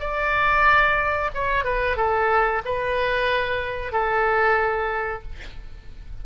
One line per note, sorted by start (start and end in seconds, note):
0.00 1.30 D5
1.34 1.64 C#5
1.64 1.97 B4
1.97 2.62 A4
2.65 3.92 B4
3.92 5.23 A4